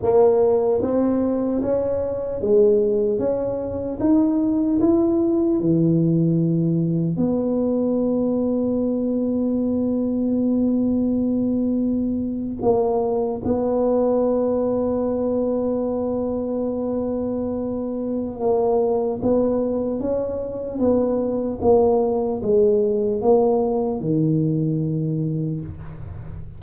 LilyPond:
\new Staff \with { instrumentName = "tuba" } { \time 4/4 \tempo 4 = 75 ais4 c'4 cis'4 gis4 | cis'4 dis'4 e'4 e4~ | e4 b2.~ | b2.~ b8. ais16~ |
ais8. b2.~ b16~ | b2. ais4 | b4 cis'4 b4 ais4 | gis4 ais4 dis2 | }